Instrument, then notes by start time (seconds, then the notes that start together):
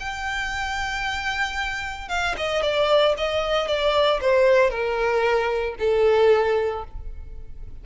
violin
0.00 G5
2.09 F5
2.37 D#5
2.62 D5
3.17 D#5
3.68 D5
4.21 C5
4.70 A#4
5.79 A4